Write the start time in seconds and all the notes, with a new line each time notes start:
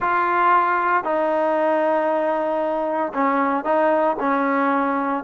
0.00 F4
1.04 D#4
3.13 C#4
3.64 D#4
4.19 C#4